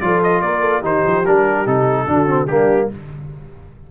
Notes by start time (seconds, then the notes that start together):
0.00 F3 F4 A4 D5
0.23 D#5
0.41 A#3 A#4 D5
0.60 A4
0.80 D#3 D#4 G4 C5
1.06 F3
1.25 G3 D4 A#4
1.66 C3 D#4 A4
2.07 D3 D4 F#4
2.26 C4
2.47 G3 A#3 D4 G4